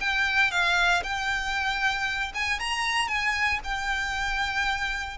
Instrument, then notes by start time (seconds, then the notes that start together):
violin
0.00 G5
0.51 F5
1.03 G5
2.34 G#5
2.60 A#5
3.08 G#5
3.64 G5